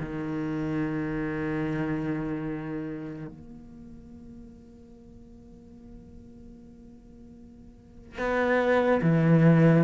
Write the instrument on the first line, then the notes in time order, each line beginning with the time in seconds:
cello
0.00 D#3
3.28 A#3
8.19 B3
9.02 E3